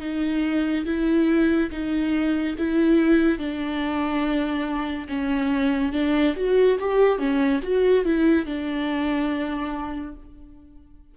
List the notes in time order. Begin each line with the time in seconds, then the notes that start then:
0.00 D#4
0.85 E4
1.71 D#4
2.58 E4
3.38 D4
5.08 C#4
5.92 D4
6.36 F#4
6.79 G4
7.18 C#4
7.63 F#4
8.04 E4
8.45 D4